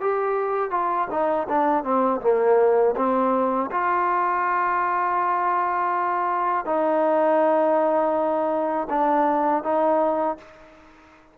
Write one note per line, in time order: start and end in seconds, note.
0.00 0.70 G4
0.70 1.07 F4
1.10 1.47 D#4
1.48 1.84 D4
1.84 2.21 C4
2.21 2.95 A#3
2.96 3.70 C4
3.71 6.65 F4
6.65 8.87 D#4
8.89 9.63 D4
9.63 10.37 D#4